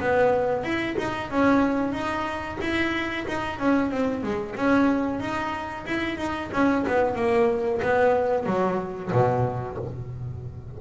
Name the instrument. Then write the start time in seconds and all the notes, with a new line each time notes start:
double bass
0.00 B3
0.63 E4
0.98 D#4
1.30 C#4
1.93 D#4
2.61 E4
3.28 D#4
3.59 C#4
3.91 C4
4.23 G#3
4.56 C#4
5.20 D#4
5.86 E4
6.18 D#4
6.52 C#4
6.87 B3
7.16 A#3
7.82 B3
8.46 F#3
9.12 B2